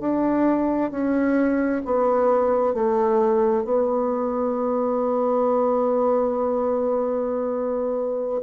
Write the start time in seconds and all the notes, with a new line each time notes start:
0.00 D4
0.91 C#4
1.85 B3
2.74 A3
3.64 B3